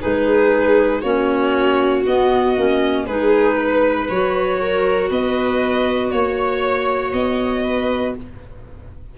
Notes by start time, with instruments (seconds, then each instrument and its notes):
0.00 tuba G#3, clarinet D#4, viola G#4, violin B4
1.01 tuba A#3, clarinet C#4, viola F#4, violin C#5
2.05 clarinet B3, tuba B3, violin D#5
2.57 tuba A#3, clarinet C#4
3.06 tuba G#3, clarinet D#4, viola G#4, violin B4
3.57 viola B4
4.08 tuba F#3, clarinet F#4, violin C#5
4.61 viola A#4
5.10 tuba B3, viola B4, violin D#5
6.10 tuba A#3, violin C#5, viola C#5
7.13 tuba B3, violin D#5
7.63 viola B4